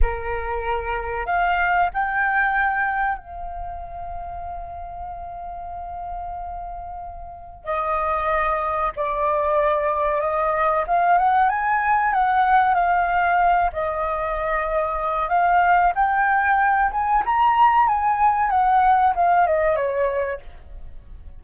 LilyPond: \new Staff \with { instrumentName = "flute" } { \time 4/4 \tempo 4 = 94 ais'2 f''4 g''4~ | g''4 f''2.~ | f''1 | dis''2 d''2 |
dis''4 f''8 fis''8 gis''4 fis''4 | f''4. dis''2~ dis''8 | f''4 g''4. gis''8 ais''4 | gis''4 fis''4 f''8 dis''8 cis''4 | }